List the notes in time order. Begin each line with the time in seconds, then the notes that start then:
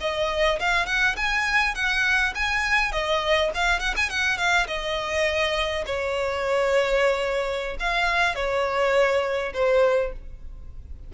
0.00 D#5
0.60 F5
0.86 F#5
1.16 G#5
1.75 F#5
2.34 G#5
2.92 D#5
3.54 F5
3.79 F#5
3.96 G#5
4.09 F#5
4.37 F5
4.67 D#5
5.86 C#5
7.79 F5
8.35 C#5
9.53 C5